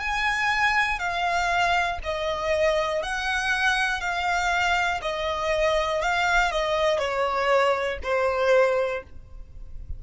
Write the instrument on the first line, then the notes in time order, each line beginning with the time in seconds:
violin
0.00 G#5
0.99 F5
2.03 D#5
3.02 F#5
4.00 F5
5.01 D#5
6.01 F5
6.51 D#5
6.99 C#5
8.03 C5